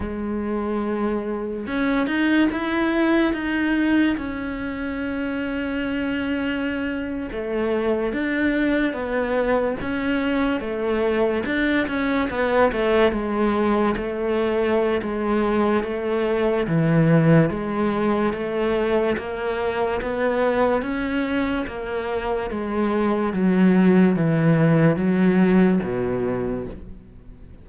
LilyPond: \new Staff \with { instrumentName = "cello" } { \time 4/4 \tempo 4 = 72 gis2 cis'8 dis'8 e'4 | dis'4 cis'2.~ | cis'8. a4 d'4 b4 cis'16~ | cis'8. a4 d'8 cis'8 b8 a8 gis16~ |
gis8. a4~ a16 gis4 a4 | e4 gis4 a4 ais4 | b4 cis'4 ais4 gis4 | fis4 e4 fis4 b,4 | }